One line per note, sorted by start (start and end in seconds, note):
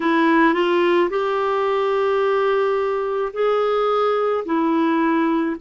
0.00 0.54 E4
0.54 1.09 F4
1.10 3.32 G4
3.33 4.44 G#4
4.44 5.56 E4